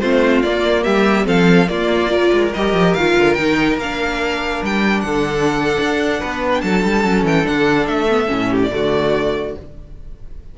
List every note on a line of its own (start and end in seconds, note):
0.00 0.43 A3
0.00 0.45 C4
0.00 0.84 F4
0.00 0.42 C5
0.42 0.85 A#3
0.42 1.24 A#3
0.42 0.84 D5
0.84 1.27 G3
0.84 1.26 G4
0.84 1.26 E5
1.24 1.68 F3
1.24 1.66 C4
1.24 1.68 A4
1.24 1.69 F5
1.68 2.31 A#3
1.68 2.09 A#3
1.68 2.12 F4
1.68 2.53 D5
2.09 2.51 F4
2.09 5.05 A#4
2.32 2.53 G#3
2.54 2.73 G3
2.54 2.98 G4
2.54 2.94 D#5
2.73 2.94 F3
2.94 3.16 D#3
2.94 3.38 F4
2.94 3.34 F5
3.17 3.38 D3
3.34 3.77 D#3
3.34 3.80 D#4
3.34 3.76 G5
3.77 4.61 A#3
3.77 7.05 D4
3.77 4.64 F5
4.63 5.04 G3
4.63 5.01 G5
5.01 5.78 D3
5.01 6.20 A4
5.01 6.48 F#5
5.80 6.22 D4
6.20 6.63 B3
6.20 6.62 B4
6.55 6.61 G5
6.61 6.84 F#3
6.61 8.50 A4
6.61 7.24 A5
6.84 7.04 G3
7.04 7.24 F#3
7.04 7.44 C#4
7.24 7.45 E3
7.24 7.47 G5
7.44 7.87 D3
7.44 8.07 D4
7.44 7.87 F#5
7.87 8.29 A3
7.87 8.60 E5
8.10 8.27 B3
8.27 8.72 A2
8.27 8.69 C#4
8.50 8.71 G4
8.63 9.58 D5
8.71 9.56 D3
8.71 9.55 A3
8.71 9.58 F#4